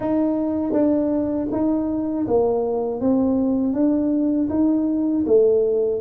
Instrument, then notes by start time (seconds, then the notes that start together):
tuba
0.00 D#4
0.72 D4
1.51 D#4
2.27 A#3
3.00 C4
3.73 D4
4.49 D#4
5.26 A3